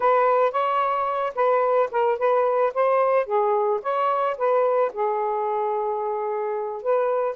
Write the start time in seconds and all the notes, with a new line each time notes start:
0.00 B4
0.51 C#5
1.35 B4
1.91 A#4
2.18 B4
2.74 C5
3.26 G#4
3.82 C#5
4.37 B4
4.93 G#4
6.82 B4